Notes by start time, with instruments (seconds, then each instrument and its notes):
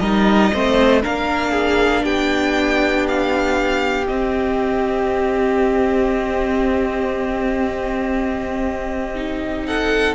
0.00 cello G3, viola D#4, violin A#4 D#5
0.54 cello A3, viola C4, violin C5
1.03 cello A#3, viola D4, violin A#4 F5
1.52 violin G#4
2.04 cello B3, violin G4 G5
3.08 violin F5
4.08 viola C4, cello C4, violin D#5
9.16 viola D#4
9.67 violin A4 F#5